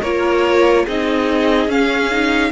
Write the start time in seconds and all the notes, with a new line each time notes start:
0.00 A#3 F4 A#4 C#5
0.85 C4 D#4 G#4 D#5
1.67 C#4 F5
2.10 D#4